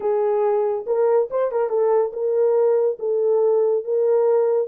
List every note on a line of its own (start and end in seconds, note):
0.00 0.85 G#4
0.86 1.29 A#4
1.30 1.51 C5
1.51 1.69 A#4
1.69 2.12 A4
2.13 2.98 A#4
2.99 3.84 A4
3.84 4.67 A#4